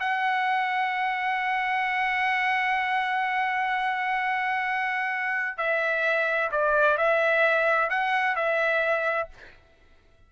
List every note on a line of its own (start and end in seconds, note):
0.00 5.58 F#5
5.58 6.51 E5
6.52 6.97 D5
6.97 7.90 E5
7.90 8.36 F#5
8.36 9.29 E5